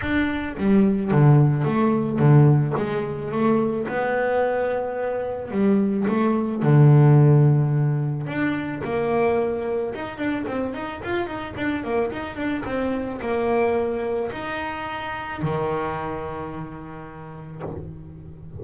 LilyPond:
\new Staff \with { instrumentName = "double bass" } { \time 4/4 \tempo 4 = 109 d'4 g4 d4 a4 | d4 gis4 a4 b4~ | b2 g4 a4 | d2. d'4 |
ais2 dis'8 d'8 c'8 dis'8 | f'8 dis'8 d'8 ais8 dis'8 d'8 c'4 | ais2 dis'2 | dis1 | }